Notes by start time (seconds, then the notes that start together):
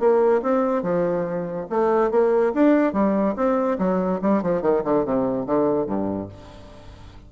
0.00 A#3
0.43 C4
0.83 F3
1.70 A3
2.11 A#3
2.55 D4
2.93 G3
3.36 C4
3.79 F#3
4.22 G3
4.43 F3
4.62 D#3
4.85 D3
5.06 C3
5.47 D3
5.87 G2